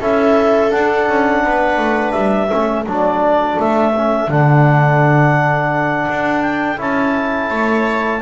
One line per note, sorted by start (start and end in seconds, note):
0.00 0.72 C#4
0.00 0.71 E4
0.00 1.43 A4
0.00 0.71 E5
0.71 2.49 D4
0.71 1.09 D4
0.71 2.12 F#5
1.09 1.45 C#4
1.45 1.78 B3
1.45 2.51 B4
1.78 2.13 A3
2.12 2.51 G3
2.12 2.83 E5
2.49 2.86 A3
2.49 2.85 C#4
2.49 7.51 A4
2.86 3.58 F#3
2.86 3.95 D4
2.86 3.60 D5
3.60 4.28 A3
3.60 4.31 E5
3.96 4.31 C#4
4.28 6.07 D3
4.28 6.78 D4
4.28 6.42 F#5
6.10 6.79 D4
6.42 6.78 G5
6.78 7.50 C#4
6.78 8.21 E4
6.78 8.22 A5
7.50 8.22 A3
7.50 8.22 C#5